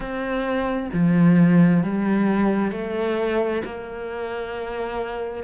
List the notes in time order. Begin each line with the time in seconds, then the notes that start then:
0.00 C4
0.93 F3
1.83 G3
2.71 A3
3.64 A#3